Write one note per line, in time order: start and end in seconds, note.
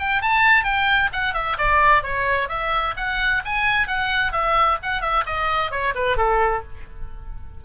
0.00 0.22 G5
0.22 0.64 A5
0.64 1.10 G5
1.13 1.34 F#5
1.34 1.57 E5
1.58 2.03 D5
2.03 2.49 C#5
2.49 2.95 E5
2.97 3.43 F#5
3.45 3.88 G#5
3.88 4.33 F#5
4.33 4.78 E5
4.83 5.02 F#5
5.02 5.25 E5
5.27 5.71 D#5
5.71 5.94 C#5
5.95 6.17 B4
6.17 6.63 A4